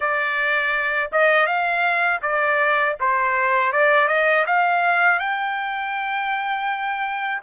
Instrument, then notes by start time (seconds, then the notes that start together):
trumpet
0.00 D5
1.12 D#5
1.46 F5
2.22 D5
3.00 C5
3.72 D5
4.08 D#5
4.46 F5
5.19 G5